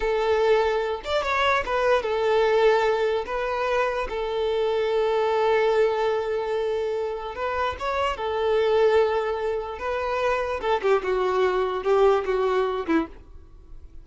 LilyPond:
\new Staff \with { instrumentName = "violin" } { \time 4/4 \tempo 4 = 147 a'2~ a'8 d''8 cis''4 | b'4 a'2. | b'2 a'2~ | a'1~ |
a'2 b'4 cis''4 | a'1 | b'2 a'8 g'8 fis'4~ | fis'4 g'4 fis'4. e'8 | }